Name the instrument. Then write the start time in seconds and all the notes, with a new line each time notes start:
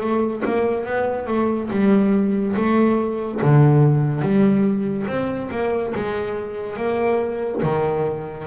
double bass
0.00 A3
0.45 A#3
0.85 B3
1.26 A3
1.70 G3
2.55 A3
3.41 D3
4.21 G3
5.07 C4
5.51 A#3
5.95 G#3
6.76 A#3
7.62 D#3